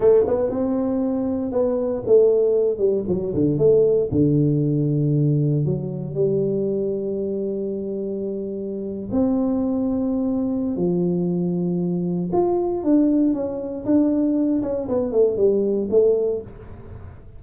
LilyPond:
\new Staff \with { instrumentName = "tuba" } { \time 4/4 \tempo 4 = 117 a8 b8 c'2 b4 | a4. g8 fis8 d8 a4 | d2. fis4 | g1~ |
g4.~ g16 c'2~ c'16~ | c'4 f2. | f'4 d'4 cis'4 d'4~ | d'8 cis'8 b8 a8 g4 a4 | }